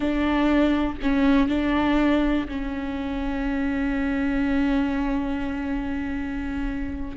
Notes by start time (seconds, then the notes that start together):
0.00 D4
1.01 C#4
1.48 D4
2.48 C#4